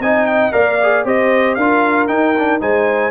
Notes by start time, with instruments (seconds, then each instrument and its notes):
0.00 tuba C4, trombone D#4, horn D#5, trumpet G#5
0.26 trumpet G5
0.52 tuba A#3, trombone A#4, horn D5, trumpet F5
0.83 trombone G#4
1.05 tuba C4, trombone G4, horn C5, trumpet D#5
1.55 tuba D4, trombone F4, horn A#4, trumpet F5
2.08 trombone D#4, tuba D#4, trumpet G5
2.38 trombone D4
2.60 tuba G#3, trombone D#4, horn C5, trumpet G#5